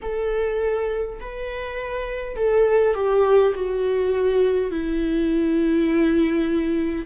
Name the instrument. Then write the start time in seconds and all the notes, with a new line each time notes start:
viola
0.02 A4
1.20 B4
2.36 A4
2.94 G4
3.55 F#4
4.71 E4